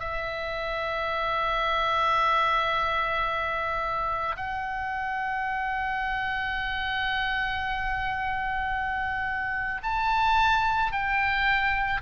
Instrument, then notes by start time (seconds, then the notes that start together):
oboe
0.00 E5
4.37 F#5
9.83 A5
10.92 G5